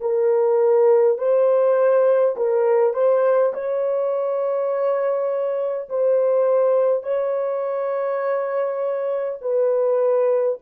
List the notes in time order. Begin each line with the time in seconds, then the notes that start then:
0.00 A#4
1.18 C5
2.36 A#4
2.94 C5
3.53 C#5
5.89 C5
7.03 C#5
9.41 B4